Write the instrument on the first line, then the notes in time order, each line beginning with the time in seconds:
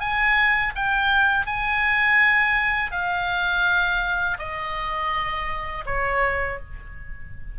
oboe
0.00 G#5
0.76 G5
1.47 G#5
2.92 F5
4.39 D#5
5.86 C#5